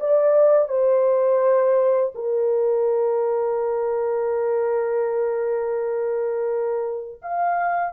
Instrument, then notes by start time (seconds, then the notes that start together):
horn
0.00 D5
0.68 C5
2.15 A#4
7.22 F5